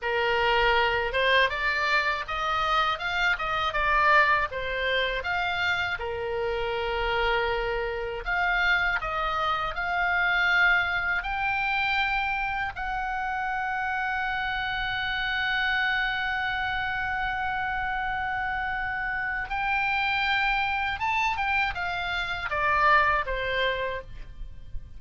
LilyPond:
\new Staff \with { instrumentName = "oboe" } { \time 4/4 \tempo 4 = 80 ais'4. c''8 d''4 dis''4 | f''8 dis''8 d''4 c''4 f''4 | ais'2. f''4 | dis''4 f''2 g''4~ |
g''4 fis''2.~ | fis''1~ | fis''2 g''2 | a''8 g''8 f''4 d''4 c''4 | }